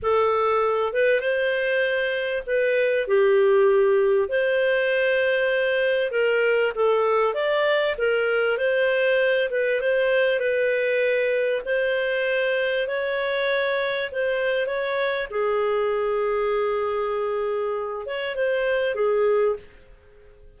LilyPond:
\new Staff \with { instrumentName = "clarinet" } { \time 4/4 \tempo 4 = 98 a'4. b'8 c''2 | b'4 g'2 c''4~ | c''2 ais'4 a'4 | d''4 ais'4 c''4. b'8 |
c''4 b'2 c''4~ | c''4 cis''2 c''4 | cis''4 gis'2.~ | gis'4. cis''8 c''4 gis'4 | }